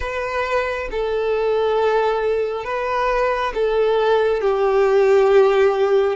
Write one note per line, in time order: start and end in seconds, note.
0.00 0.88 B4
0.91 2.64 A4
2.64 3.52 B4
3.54 4.41 A4
4.41 6.16 G4